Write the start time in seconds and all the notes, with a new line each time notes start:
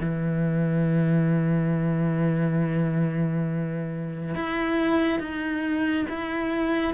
0.00 E3
4.34 E4
5.19 D#4
6.09 E4